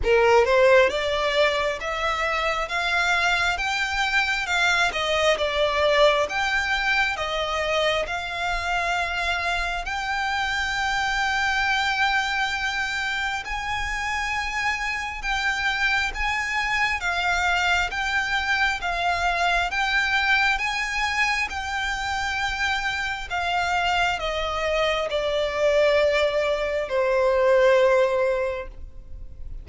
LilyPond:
\new Staff \with { instrumentName = "violin" } { \time 4/4 \tempo 4 = 67 ais'8 c''8 d''4 e''4 f''4 | g''4 f''8 dis''8 d''4 g''4 | dis''4 f''2 g''4~ | g''2. gis''4~ |
gis''4 g''4 gis''4 f''4 | g''4 f''4 g''4 gis''4 | g''2 f''4 dis''4 | d''2 c''2 | }